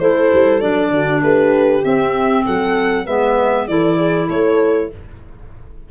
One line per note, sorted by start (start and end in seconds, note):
0.00 0.31 A3
0.00 0.62 E4
0.00 0.93 A4
0.00 0.61 C5
0.33 0.64 G3
0.61 0.91 F#3
0.61 1.84 D4
0.61 1.22 D5
0.91 1.22 D3
0.91 1.23 F#4
1.22 1.83 A3
1.22 2.45 G4
1.22 1.85 B4
1.84 3.07 C4
1.84 2.46 C4
1.84 2.46 E5
2.45 3.08 F#3
2.45 3.06 A4
2.45 3.07 F#5
3.06 3.68 G#3
3.06 3.68 B3
3.06 3.67 B4
3.06 3.68 E5
3.68 4.29 E3
3.68 4.91 E4
3.68 3.98 A4
3.68 4.29 D5
3.98 4.28 G#4
4.28 4.91 A3
4.28 4.89 A4
4.28 4.91 C#5